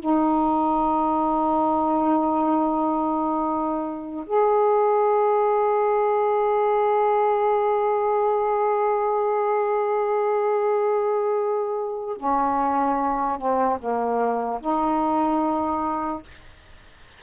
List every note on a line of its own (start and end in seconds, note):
0.00 4.26 D#4
4.26 12.17 G#4
12.17 13.38 C#4
13.38 13.79 C4
13.79 14.60 A#3
14.61 16.23 D#4